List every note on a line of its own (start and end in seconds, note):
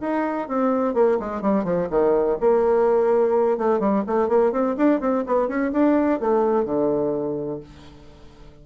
0.00 0.48 D#4
0.48 0.94 C4
0.94 1.18 A#3
1.19 1.41 G#3
1.41 1.64 G3
1.64 1.88 F3
1.90 2.37 D#3
2.40 3.57 A#3
3.57 3.79 A3
3.79 4.03 G3
4.06 4.28 A3
4.28 4.52 A#3
4.52 4.76 C4
4.77 5.00 D4
5.00 5.24 C4
5.26 5.48 B3
5.48 5.71 C#4
5.72 6.20 D4
6.20 6.64 A3
6.64 7.60 D3